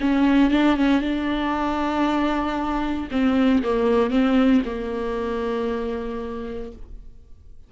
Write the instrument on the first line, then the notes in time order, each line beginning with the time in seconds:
viola
0.00 C#4
0.50 D4
0.76 C#4
1.01 D4
3.11 C4
3.63 A#3
4.10 C4
4.65 A#3